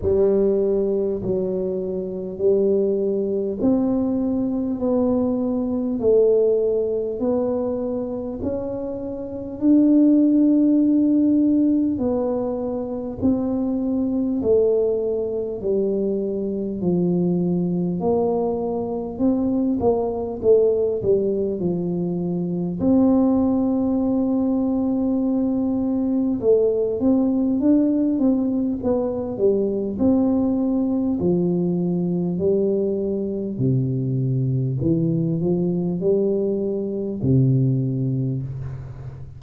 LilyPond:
\new Staff \with { instrumentName = "tuba" } { \time 4/4 \tempo 4 = 50 g4 fis4 g4 c'4 | b4 a4 b4 cis'4 | d'2 b4 c'4 | a4 g4 f4 ais4 |
c'8 ais8 a8 g8 f4 c'4~ | c'2 a8 c'8 d'8 c'8 | b8 g8 c'4 f4 g4 | c4 e8 f8 g4 c4 | }